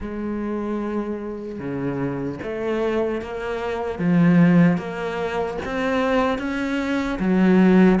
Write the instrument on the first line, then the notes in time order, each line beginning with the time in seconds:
cello
0.00 G#3
1.59 C#3
2.42 A3
3.21 A#3
3.98 F3
4.77 A#3
5.65 C4
6.38 C#4
7.19 F#3